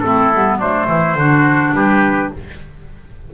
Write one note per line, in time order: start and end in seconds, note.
0.00 0.34 A3
0.00 0.32 C4
0.00 0.58 E4
0.00 0.57 A4
0.33 0.58 G3
0.33 0.60 B3
0.58 0.87 F#3
0.58 1.17 A3
0.58 0.86 D4
0.58 1.75 C5
0.87 1.15 E3
0.87 1.17 E4
1.15 1.72 D3
1.15 2.34 D4
1.15 1.75 F#4
1.73 2.31 G3
1.73 2.33 G4
1.73 2.32 B4